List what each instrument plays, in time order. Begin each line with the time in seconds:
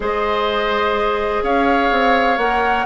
0.00 bassoon G#3, clarinet G#4, oboe C5, flute D#5
1.42 bassoon C#4, oboe C#5, flute F5
1.91 bassoon C4
2.37 bassoon A#3, clarinet A#4, flute F#5